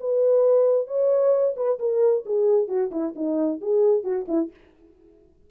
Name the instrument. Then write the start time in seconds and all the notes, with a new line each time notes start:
horn
0.00 B4
0.87 C#5
1.56 B4
1.79 A#4
2.26 G#4
2.68 F#4
2.91 E4
3.16 D#4
3.61 G#4
4.04 F#4
4.28 E4